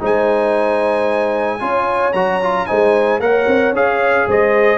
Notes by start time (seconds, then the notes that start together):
0.00 G#3 D#4 C5 G#5
1.60 C#4 F4 C#5
2.13 F#3 F#4 A#5
2.42 F4
2.66 G#3 D#4 C5 G#5
3.20 A#3 A#4 C#5 F#5
3.47 C4
3.73 C#4 G#4 F5
4.27 G#3 C5 D#5